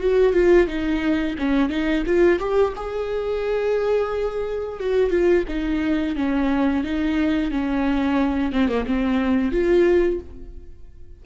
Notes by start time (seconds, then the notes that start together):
0.00 F#4
0.33 F4
0.67 D#4
1.39 C#4
1.69 D#4
2.06 F4
2.39 G4
2.76 G#4
4.79 F#4
5.10 F4
5.48 D#4
6.15 C#4
6.84 D#4
7.51 C#4
8.52 C4
8.68 A#3
8.86 C4
9.51 F4